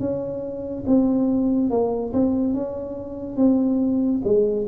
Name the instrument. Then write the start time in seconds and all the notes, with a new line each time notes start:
tuba
0.00 C#4
0.87 C4
1.71 A#3
2.13 C4
2.54 C#4
3.37 C4
4.24 G#3